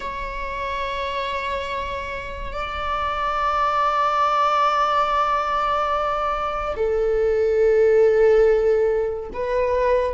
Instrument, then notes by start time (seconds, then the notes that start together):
viola
0.00 C#5
2.52 D5
6.76 A4
9.33 B4